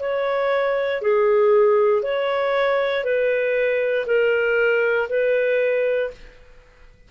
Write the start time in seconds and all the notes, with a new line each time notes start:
0.00 C#5
1.02 G#4
2.03 C#5
3.04 B4
4.07 A#4
5.09 B4